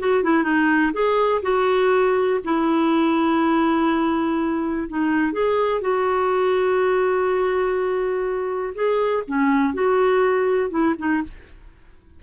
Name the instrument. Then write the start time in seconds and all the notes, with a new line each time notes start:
clarinet
0.00 F#4
0.24 E4
0.44 D#4
0.94 G#4
1.43 F#4
2.45 E4
4.89 D#4
5.33 G#4
5.82 F#4
8.75 G#4
9.28 C#4
9.74 F#4
10.71 E4
10.99 D#4